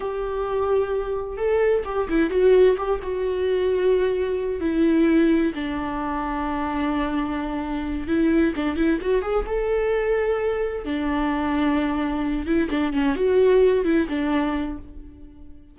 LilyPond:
\new Staff \with { instrumentName = "viola" } { \time 4/4 \tempo 4 = 130 g'2. a'4 | g'8 e'8 fis'4 g'8 fis'4.~ | fis'2 e'2 | d'1~ |
d'4. e'4 d'8 e'8 fis'8 | gis'8 a'2. d'8~ | d'2. e'8 d'8 | cis'8 fis'4. e'8 d'4. | }